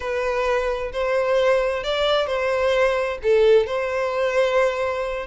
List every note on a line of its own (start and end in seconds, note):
0.00 0.92 B4
0.92 1.83 C5
1.83 2.27 D5
2.27 3.18 C5
3.22 3.66 A4
3.66 5.26 C5